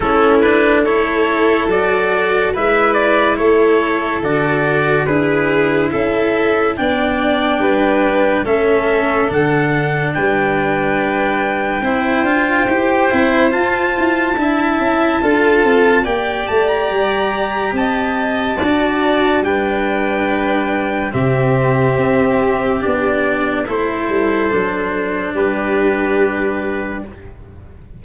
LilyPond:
<<
  \new Staff \with { instrumentName = "trumpet" } { \time 4/4 \tempo 4 = 71 a'8 b'8 cis''4 d''4 e''8 d''8 | cis''4 d''4 b'4 e''4 | g''2 e''4 fis''4 | g''1 |
a''2. g''8 a''16 ais''16~ | ais''4 a''2 g''4~ | g''4 e''2 d''4 | c''2 b'2 | }
  \new Staff \with { instrumentName = "violin" } { \time 4/4 e'4 a'2 b'4 | a'2 gis'4 a'4 | d''4 b'4 a'2 | b'2 c''2~ |
c''4 e''4 a'4 d''4~ | d''4 dis''4 d''4 b'4~ | b'4 g'2. | a'2 g'2 | }
  \new Staff \with { instrumentName = "cello" } { \time 4/4 cis'8 d'8 e'4 fis'4 e'4~ | e'4 fis'4 e'2 | d'2 cis'4 d'4~ | d'2 e'8 f'8 g'8 e'8 |
f'4 e'4 f'4 g'4~ | g'2 fis'4 d'4~ | d'4 c'2 d'4 | e'4 d'2. | }
  \new Staff \with { instrumentName = "tuba" } { \time 4/4 a2 fis4 gis4 | a4 d4 d'4 cis'4 | b4 g4 a4 d4 | g2 c'8 d'8 e'8 c'8 |
f'8 e'8 d'8 cis'8 d'8 c'8 ais8 a8 | g4 c'4 d'4 g4~ | g4 c4 c'4 b4 | a8 g8 fis4 g2 | }
>>